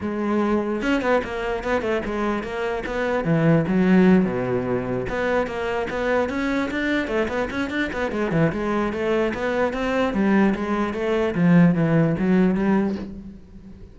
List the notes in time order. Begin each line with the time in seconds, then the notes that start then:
0.01 G#3
0.81 C#4
1.01 B3
1.23 A#3
1.63 B3
1.81 A3
2.05 G#3
2.43 A#3
2.86 B3
3.24 E3
3.67 F#3
4.25 B2
5.09 B3
5.46 A#3
5.90 B3
6.29 C#4
6.70 D4
7.07 A3
7.28 B3
7.50 C#4
7.70 D4
7.93 B3
8.11 G#3
8.31 E3
8.52 G#3
8.92 A3
9.34 B3
9.73 C4
10.13 G3
10.54 G#3
10.93 A3
11.35 F3
11.75 E3
12.18 F#3
12.54 G3